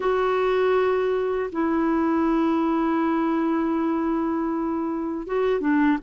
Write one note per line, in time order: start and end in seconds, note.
0.00 1.50 F#4
1.51 5.26 E4
5.27 5.60 F#4
5.60 5.98 D4